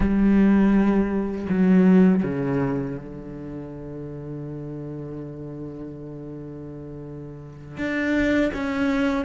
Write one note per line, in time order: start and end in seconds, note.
0.00 1.47 G3
1.49 2.23 F#3
2.23 2.97 C#3
2.97 7.77 D3
7.77 8.52 D4
8.54 9.25 C#4